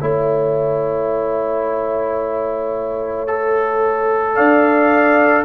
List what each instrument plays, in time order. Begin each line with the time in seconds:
0.00 tuba A3, trombone E4, horn C#5, trumpet E5
3.27 trombone A4
4.35 tuba D4, horn D5, trumpet F5